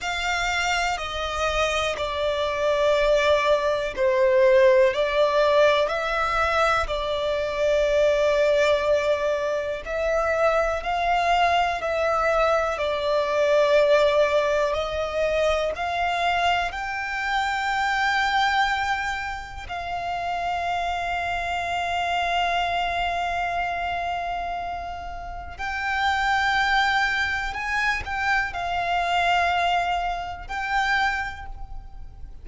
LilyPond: \new Staff \with { instrumentName = "violin" } { \time 4/4 \tempo 4 = 61 f''4 dis''4 d''2 | c''4 d''4 e''4 d''4~ | d''2 e''4 f''4 | e''4 d''2 dis''4 |
f''4 g''2. | f''1~ | f''2 g''2 | gis''8 g''8 f''2 g''4 | }